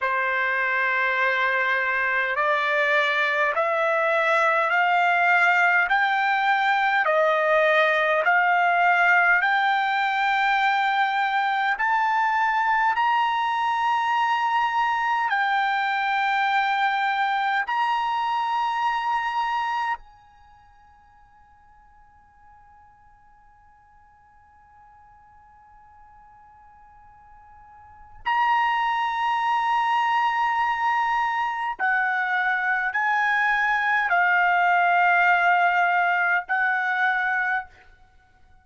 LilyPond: \new Staff \with { instrumentName = "trumpet" } { \time 4/4 \tempo 4 = 51 c''2 d''4 e''4 | f''4 g''4 dis''4 f''4 | g''2 a''4 ais''4~ | ais''4 g''2 ais''4~ |
ais''4 gis''2.~ | gis''1 | ais''2. fis''4 | gis''4 f''2 fis''4 | }